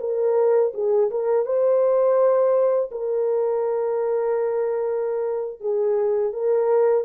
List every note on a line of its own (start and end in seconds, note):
0.00 0.72 A#4
0.74 1.10 G#4
1.10 1.46 A#4
1.46 2.90 C5
2.91 5.61 A#4
5.61 6.33 G#4
6.33 7.05 A#4